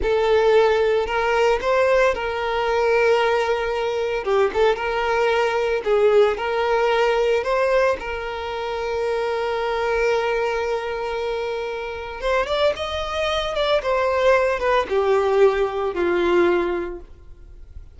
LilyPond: \new Staff \with { instrumentName = "violin" } { \time 4/4 \tempo 4 = 113 a'2 ais'4 c''4 | ais'1 | g'8 a'8 ais'2 gis'4 | ais'2 c''4 ais'4~ |
ais'1~ | ais'2. c''8 d''8 | dis''4. d''8 c''4. b'8 | g'2 f'2 | }